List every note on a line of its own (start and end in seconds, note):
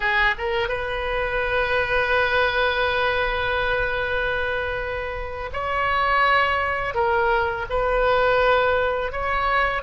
0.00 0.34 G#4
0.37 0.68 A#4
0.68 5.50 B4
5.52 6.94 C#5
6.94 7.65 A#4
7.69 9.12 B4
9.12 9.82 C#5